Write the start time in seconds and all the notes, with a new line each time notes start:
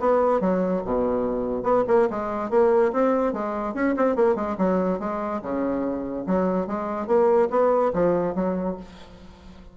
0.00 B3
0.41 F#3
0.85 B2
1.63 B3
1.88 A#3
2.10 G#3
2.50 A#3
2.93 C4
3.33 G#3
3.74 C#4
3.97 C4
4.16 A#3
4.35 G#3
4.58 F#3
5.00 G#3
5.42 C#3
6.27 F#3
6.67 G#3
7.07 A#3
7.51 B3
7.94 F3
8.35 F#3